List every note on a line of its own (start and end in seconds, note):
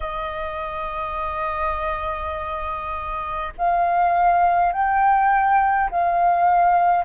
0.00 3.52 D#5
3.58 4.72 F5
4.72 5.90 G5
5.90 7.04 F5